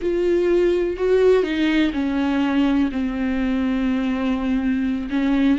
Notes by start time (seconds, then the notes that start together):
0.01 F4
0.97 F#4
1.43 D#4
1.93 C#4
2.91 C4
5.10 C#4